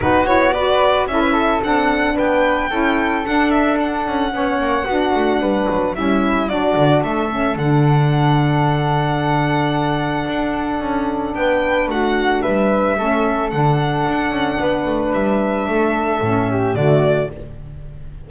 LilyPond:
<<
  \new Staff \with { instrumentName = "violin" } { \time 4/4 \tempo 4 = 111 b'8 cis''8 d''4 e''4 fis''4 | g''2 fis''8 e''8 fis''4~ | fis''2. e''4 | d''4 e''4 fis''2~ |
fis''1~ | fis''4 g''4 fis''4 e''4~ | e''4 fis''2. | e''2. d''4 | }
  \new Staff \with { instrumentName = "flute" } { \time 4/4 fis'4 b'4 a'16 b'16 a'4. | b'4 a'2. | cis''4 fis'4 b'4 e'4 | fis'4 a'2.~ |
a'1~ | a'4 b'4 fis'4 b'4 | a'2. b'4~ | b'4 a'4. g'8 fis'4 | }
  \new Staff \with { instrumentName = "saxophone" } { \time 4/4 dis'8 e'8 fis'4 e'4 d'4~ | d'4 e'4 d'2 | cis'4 d'2 cis'4 | d'4. cis'8 d'2~ |
d'1~ | d'1 | cis'4 d'2.~ | d'2 cis'4 a4 | }
  \new Staff \with { instrumentName = "double bass" } { \time 4/4 b2 cis'4 c'4 | b4 cis'4 d'4. cis'8 | b8 ais8 b8 a8 g8 fis8 g4 | fis8 d8 a4 d2~ |
d2. d'4 | cis'4 b4 a4 g4 | a4 d4 d'8 cis'8 b8 a8 | g4 a4 a,4 d4 | }
>>